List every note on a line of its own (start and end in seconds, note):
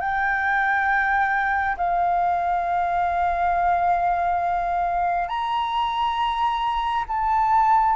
0.00 1.76 G5
1.77 5.29 F5
5.29 7.05 A#5
7.08 7.96 A5